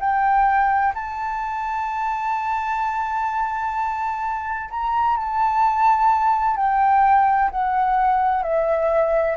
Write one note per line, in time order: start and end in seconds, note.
0.00 0.94 G5
0.94 4.69 A5
4.70 5.17 A#5
5.17 6.56 A5
6.56 7.50 G5
7.51 8.43 F#5
8.43 9.37 E5